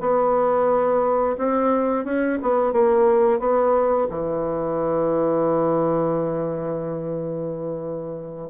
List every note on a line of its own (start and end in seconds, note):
0.00 1.36 B3
1.38 2.05 C4
2.05 2.39 C#4
2.42 2.72 B3
2.72 3.39 A#3
3.39 4.07 B3
4.09 8.50 E3